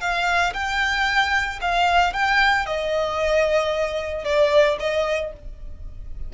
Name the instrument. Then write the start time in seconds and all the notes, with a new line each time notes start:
violin
0.00 F5
0.53 G5
1.61 F5
2.13 G5
2.66 D#5
4.24 D5
4.79 D#5